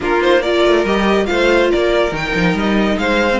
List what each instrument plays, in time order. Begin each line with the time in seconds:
0.00 cello A#3, viola D4, violin F4 A#4
0.20 viola D#4, violin C5
0.41 viola F4, violin A#4 D5
0.65 cello A3
0.84 cello G3, viola G4, violin D#5
1.25 cello A3, viola F4, violin C5 F5
1.70 cello A#3, violin A#4 D5
2.11 cello D#3, viola D#4, violin G5
2.34 cello F3
2.53 cello G3, violin D#5
2.97 cello G#3, violin C5 F5
3.30 viola C4